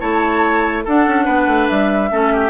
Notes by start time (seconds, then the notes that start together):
0.00 A3 E4 C#5 A5
0.85 D4 A4 F#5
1.07 C#4
1.25 B3 B4
1.47 A3
1.68 G3 E5
2.11 A3 C#4 A4
2.33 G4